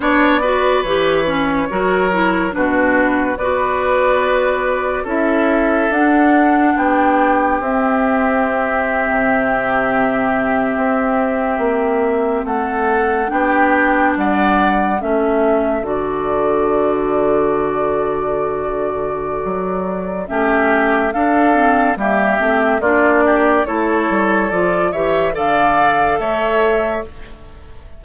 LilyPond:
<<
  \new Staff \with { instrumentName = "flute" } { \time 4/4 \tempo 4 = 71 d''4 cis''2 b'4 | d''2 e''4 fis''4 | g''4 e''2.~ | e''2~ e''8. fis''4 g''16~ |
g''8. fis''4 e''4 d''4~ d''16~ | d''1 | e''4 f''4 e''4 d''4 | cis''4 d''8 e''8 f''4 e''4 | }
  \new Staff \with { instrumentName = "oboe" } { \time 4/4 cis''8 b'4. ais'4 fis'4 | b'2 a'2 | g'1~ | g'2~ g'8. a'4 g'16~ |
g'8. d''4 a'2~ a'16~ | a'1 | g'4 a'4 g'4 f'8 g'8 | a'4. cis''8 d''4 cis''4 | }
  \new Staff \with { instrumentName = "clarinet" } { \time 4/4 d'8 fis'8 g'8 cis'8 fis'8 e'8 d'4 | fis'2 e'4 d'4~ | d'4 c'2.~ | c'2.~ c'8. d'16~ |
d'4.~ d'16 cis'4 fis'4~ fis'16~ | fis'1 | cis'4 d'8 c'8 ais8 c'8 d'4 | e'4 f'8 g'8 a'2 | }
  \new Staff \with { instrumentName = "bassoon" } { \time 4/4 b4 e4 fis4 b,4 | b2 cis'4 d'4 | b4 c'4.~ c'16 c4~ c16~ | c8. c'4 ais4 a4 b16~ |
b8. g4 a4 d4~ d16~ | d2. fis4 | a4 d'4 g8 a8 ais4 | a8 g8 f8 e8 d4 a4 | }
>>